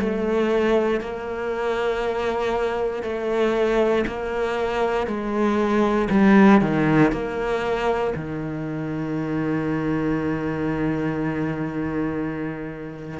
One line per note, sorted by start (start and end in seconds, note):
0.00 1.01 A3
1.01 3.03 A#3
3.03 4.05 A3
4.07 5.07 A#3
5.07 6.09 G#3
6.11 6.61 G3
6.61 7.12 D#3
7.12 8.14 A#3
8.16 13.20 D#3